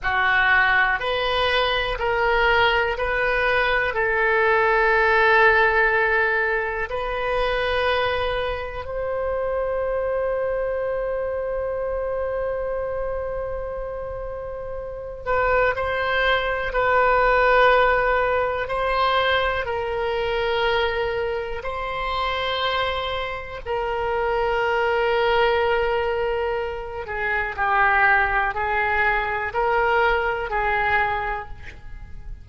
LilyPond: \new Staff \with { instrumentName = "oboe" } { \time 4/4 \tempo 4 = 61 fis'4 b'4 ais'4 b'4 | a'2. b'4~ | b'4 c''2.~ | c''2.~ c''8 b'8 |
c''4 b'2 c''4 | ais'2 c''2 | ais'2.~ ais'8 gis'8 | g'4 gis'4 ais'4 gis'4 | }